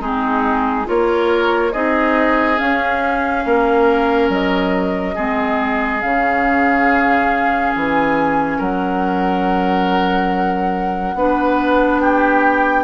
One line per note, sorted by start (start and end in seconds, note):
0.00 0.86 G#3
0.00 0.85 C4
0.00 0.87 D#4
0.00 0.87 G#4
0.85 1.74 A#3
0.85 1.71 F4
0.85 1.72 A#4
0.85 1.73 C#5
1.72 2.59 C4
1.72 2.58 D#4
1.72 3.44 G#4
1.72 2.58 D#5
2.58 5.15 C#4
2.58 3.45 C#4
2.58 4.30 F5
3.45 4.29 A#3
3.45 5.15 A#4
4.29 5.15 F#3
4.29 6.01 D#5
5.15 6.03 G#3
5.15 6.01 C4
5.15 8.58 G#4
6.01 7.74 C#3
6.01 11.17 C#4
6.01 7.73 F5
7.75 8.60 E3
7.75 8.60 G#5
8.58 11.14 F#3
8.58 11.15 A#4
8.58 12.00 F#5
11.14 12.84 B3
11.14 12.84 D4
11.14 12.02 B4
12.00 12.84 G4
12.00 12.84 G5